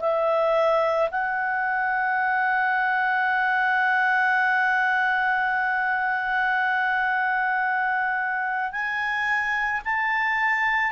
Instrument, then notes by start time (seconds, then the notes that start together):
clarinet
0.00 E5
1.11 F#5
8.72 G#5
9.85 A5